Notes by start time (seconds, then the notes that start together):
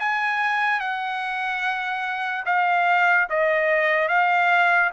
0.00 G#5
0.80 F#5
2.46 F5
3.30 D#5
4.09 F5